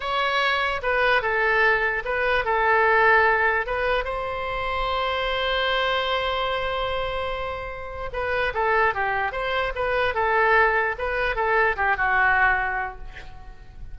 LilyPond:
\new Staff \with { instrumentName = "oboe" } { \time 4/4 \tempo 4 = 148 cis''2 b'4 a'4~ | a'4 b'4 a'2~ | a'4 b'4 c''2~ | c''1~ |
c''1 | b'4 a'4 g'4 c''4 | b'4 a'2 b'4 | a'4 g'8 fis'2~ fis'8 | }